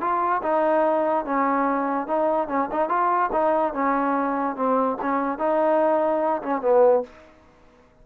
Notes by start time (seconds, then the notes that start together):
0.00 F4
0.42 D#4
1.25 C#4
2.07 D#4
2.48 C#4
2.71 D#4
2.88 F4
3.32 D#4
3.73 C#4
4.56 C4
5.01 C#4
5.38 D#4
6.42 C#4
6.61 B3